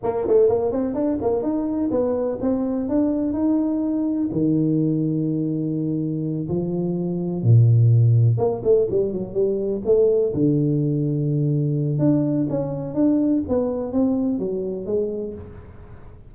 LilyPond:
\new Staff \with { instrumentName = "tuba" } { \time 4/4 \tempo 4 = 125 ais8 a8 ais8 c'8 d'8 ais8 dis'4 | b4 c'4 d'4 dis'4~ | dis'4 dis2.~ | dis4. f2 ais,8~ |
ais,4. ais8 a8 g8 fis8 g8~ | g8 a4 d2~ d8~ | d4 d'4 cis'4 d'4 | b4 c'4 fis4 gis4 | }